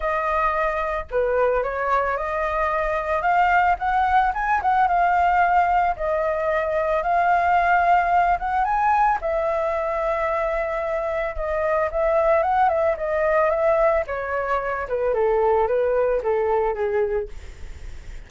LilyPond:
\new Staff \with { instrumentName = "flute" } { \time 4/4 \tempo 4 = 111 dis''2 b'4 cis''4 | dis''2 f''4 fis''4 | gis''8 fis''8 f''2 dis''4~ | dis''4 f''2~ f''8 fis''8 |
gis''4 e''2.~ | e''4 dis''4 e''4 fis''8 e''8 | dis''4 e''4 cis''4. b'8 | a'4 b'4 a'4 gis'4 | }